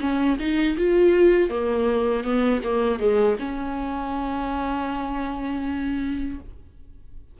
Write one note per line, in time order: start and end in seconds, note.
0.00 0.38 C#4
0.40 0.77 D#4
0.77 1.50 F4
1.50 2.24 A#3
2.24 2.61 B3
2.64 3.00 A#3
3.00 3.37 G#3
3.40 6.40 C#4